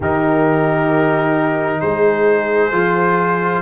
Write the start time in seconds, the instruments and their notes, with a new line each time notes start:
0.00 tuba D#3, trombone D#4, horn G4, trumpet A#4
1.80 tuba G#3, horn G#4, trumpet C5
2.72 tuba F3, trombone F4